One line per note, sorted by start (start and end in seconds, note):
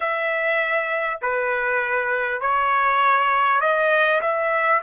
0.00 1.20 E5
1.21 2.41 B4
2.41 3.60 C#5
3.60 4.20 D#5
4.21 4.81 E5